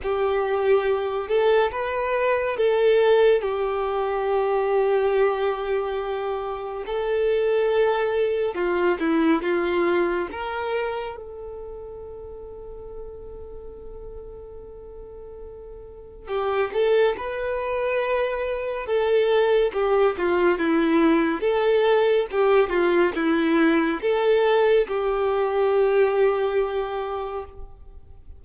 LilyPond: \new Staff \with { instrumentName = "violin" } { \time 4/4 \tempo 4 = 70 g'4. a'8 b'4 a'4 | g'1 | a'2 f'8 e'8 f'4 | ais'4 a'2.~ |
a'2. g'8 a'8 | b'2 a'4 g'8 f'8 | e'4 a'4 g'8 f'8 e'4 | a'4 g'2. | }